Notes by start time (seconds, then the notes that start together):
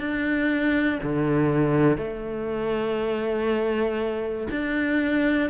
0.00 D4
1.03 D3
1.98 A3
4.51 D4